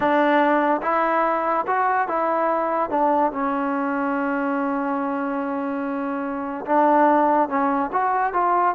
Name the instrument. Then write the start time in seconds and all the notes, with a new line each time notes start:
trombone
0.00 D4
0.82 E4
1.67 F#4
2.08 E4
2.90 D4
3.32 C#4
6.65 D4
7.48 C#4
7.92 F#4
8.33 F4